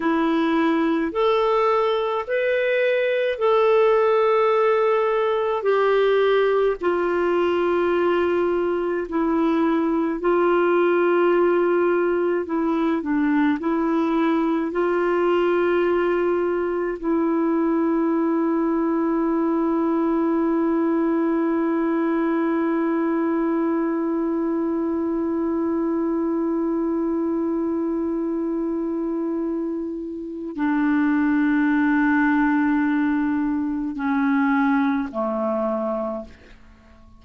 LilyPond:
\new Staff \with { instrumentName = "clarinet" } { \time 4/4 \tempo 4 = 53 e'4 a'4 b'4 a'4~ | a'4 g'4 f'2 | e'4 f'2 e'8 d'8 | e'4 f'2 e'4~ |
e'1~ | e'1~ | e'2. d'4~ | d'2 cis'4 a4 | }